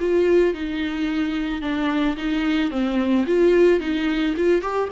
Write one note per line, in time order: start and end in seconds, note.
0.00 0.54 F4
0.54 1.62 D#4
1.62 2.16 D4
2.17 2.71 D#4
2.71 3.25 C4
3.27 3.80 F4
3.80 4.35 D#4
4.37 4.61 F4
4.61 4.89 G4